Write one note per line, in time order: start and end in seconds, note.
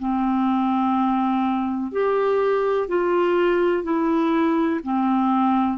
0.00 1.92 C4
1.92 2.89 G4
2.89 3.84 F4
3.84 4.81 E4
4.84 5.78 C4